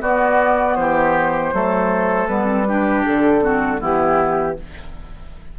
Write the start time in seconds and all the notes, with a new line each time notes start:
0.00 B3 F#4 D5
0.75 E3 G4 C5
1.52 F#3 A3 A4
2.27 G3 B3 B4
2.45 C4
2.67 D4 G4
3.05 D3 A4
3.40 C4 F#4
3.78 E3 B3 E4 G4